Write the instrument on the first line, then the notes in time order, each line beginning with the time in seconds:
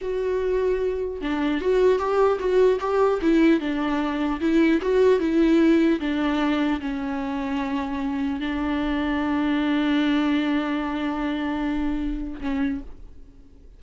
viola
0.01 F#4
1.21 D4
1.61 F#4
1.98 G4
2.39 F#4
2.80 G4
3.21 E4
3.60 D4
4.40 E4
4.81 F#4
5.19 E4
5.99 D4
6.80 C#4
8.40 D4
12.40 C#4